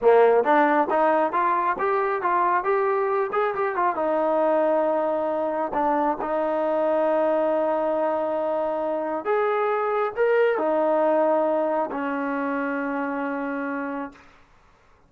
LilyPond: \new Staff \with { instrumentName = "trombone" } { \time 4/4 \tempo 4 = 136 ais4 d'4 dis'4 f'4 | g'4 f'4 g'4. gis'8 | g'8 f'8 dis'2.~ | dis'4 d'4 dis'2~ |
dis'1~ | dis'4 gis'2 ais'4 | dis'2. cis'4~ | cis'1 | }